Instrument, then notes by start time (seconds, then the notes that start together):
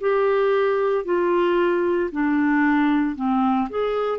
clarinet
0.00 G4
1.04 F4
2.11 D4
3.15 C4
3.69 G#4